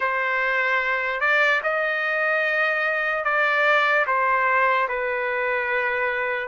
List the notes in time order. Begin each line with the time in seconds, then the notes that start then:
0.00 C5
1.20 D5
1.63 D#5
3.24 D5
4.07 C5
4.88 B4